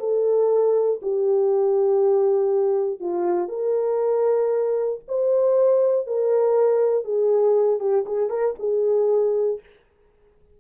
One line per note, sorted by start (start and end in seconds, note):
0.00 1.01 A4
1.02 3.00 G4
3.00 3.49 F4
3.49 5.00 A#4
5.08 6.07 C5
6.07 7.05 A#4
7.05 7.80 G#4
7.80 8.05 G4
8.06 8.30 G#4
8.30 8.55 A#4
8.59 9.60 G#4